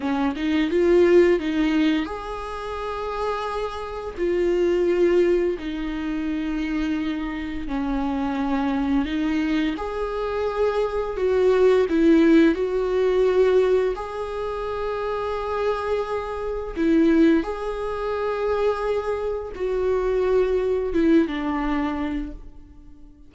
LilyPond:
\new Staff \with { instrumentName = "viola" } { \time 4/4 \tempo 4 = 86 cis'8 dis'8 f'4 dis'4 gis'4~ | gis'2 f'2 | dis'2. cis'4~ | cis'4 dis'4 gis'2 |
fis'4 e'4 fis'2 | gis'1 | e'4 gis'2. | fis'2 e'8 d'4. | }